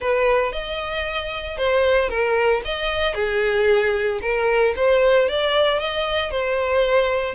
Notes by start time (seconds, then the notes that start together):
0.00 B4
0.52 D#5
1.57 C5
2.09 A#4
2.64 D#5
3.14 G#4
4.21 A#4
4.76 C5
5.28 D5
5.79 D#5
6.30 C5